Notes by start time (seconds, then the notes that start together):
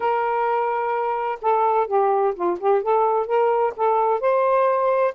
0.00 A#4
1.41 A4
1.87 G4
2.35 F4
2.59 G4
2.82 A4
3.26 A#4
3.76 A4
4.20 C5